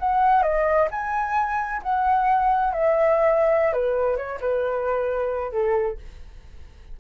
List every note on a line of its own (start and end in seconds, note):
0.00 0.43 F#5
0.43 0.89 D#5
0.92 1.82 G#5
1.83 2.74 F#5
2.74 3.74 E5
3.74 4.17 B4
4.17 4.40 C#5
4.41 5.52 B4
5.52 5.98 A4